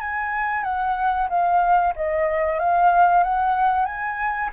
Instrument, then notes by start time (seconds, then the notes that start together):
flute
0.00 G#5
0.63 F#5
1.29 F5
1.95 D#5
2.59 F5
3.23 F#5
3.85 G#5